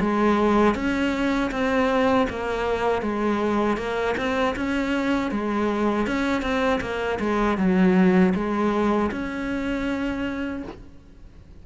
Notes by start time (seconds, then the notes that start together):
0.00 G#3
0.75 C#4
1.51 C4
2.30 A#3
3.02 G#3
3.77 A#3
4.17 C4
4.56 C#4
5.31 G#3
6.07 C#4
6.42 C4
6.81 A#3
7.19 G#3
7.57 F#3
8.35 G#3
9.11 C#4